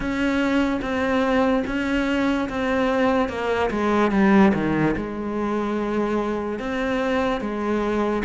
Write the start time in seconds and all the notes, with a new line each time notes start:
0.00 C#4
0.81 C4
1.66 C#4
2.49 C4
3.28 A#3
3.70 G#3
4.11 G3
4.54 D#3
4.96 G#3
6.59 C4
7.40 G#3